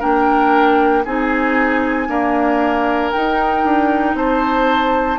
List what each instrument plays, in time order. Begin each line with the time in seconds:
0.00 bassoon A#3, clarinet D4, oboe A#4, flute G5
1.05 bassoon C4, clarinet D#4, oboe G#4, flute G#5
2.08 clarinet A#3, bassoon D4, oboe A#4
3.13 clarinet D#4, bassoon D#4, flute G5
3.65 bassoon D4
4.15 bassoon C4, oboe C5, flute A5